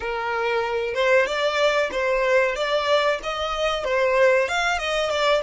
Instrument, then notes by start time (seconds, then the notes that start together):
violin
0.00 A#4
0.94 C5
1.26 D5
1.91 C5
2.55 D5
3.23 D#5
3.84 C5
4.48 F5
4.78 D#5
5.09 D5